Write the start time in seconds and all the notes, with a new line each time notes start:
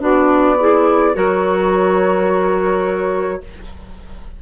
0.00 B3 D4 F#4 D5
0.59 E4 G#4
1.15 F#3 F#4 A#4 C#5